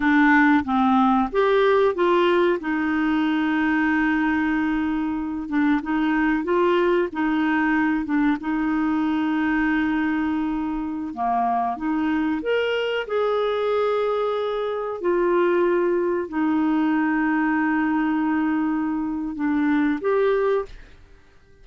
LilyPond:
\new Staff \with { instrumentName = "clarinet" } { \time 4/4 \tempo 4 = 93 d'4 c'4 g'4 f'4 | dis'1~ | dis'8 d'8 dis'4 f'4 dis'4~ | dis'8 d'8 dis'2.~ |
dis'4~ dis'16 ais4 dis'4 ais'8.~ | ais'16 gis'2. f'8.~ | f'4~ f'16 dis'2~ dis'8.~ | dis'2 d'4 g'4 | }